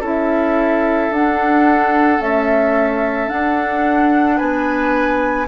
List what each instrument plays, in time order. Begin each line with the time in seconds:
0.00 bassoon C#4, clarinet E4, oboe A4, flute E5
1.10 bassoon D4, clarinet D4, flute F#5
2.19 clarinet A3, bassoon C#4, flute E5
3.27 clarinet D4, bassoon D4, flute F#5
4.37 bassoon B3, oboe B4, flute G#5